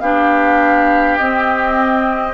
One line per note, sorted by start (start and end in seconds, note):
0.00 1.19 B3
0.00 1.20 D4
0.00 2.34 G4
0.00 1.17 F5
1.17 2.34 C4
1.17 2.34 D#5